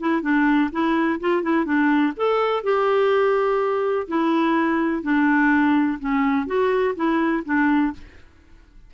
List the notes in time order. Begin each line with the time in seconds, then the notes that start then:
0.00 E4
0.22 D4
0.72 E4
1.20 F4
1.43 E4
1.65 D4
2.17 A4
2.64 G4
4.08 E4
5.03 D4
6.00 C#4
6.47 F#4
6.96 E4
7.45 D4